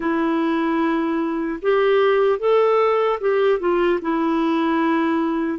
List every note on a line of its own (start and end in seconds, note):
0.00 1.60 E4
1.62 2.39 G4
2.39 3.19 A4
3.20 3.59 G4
3.59 3.99 F4
4.01 5.59 E4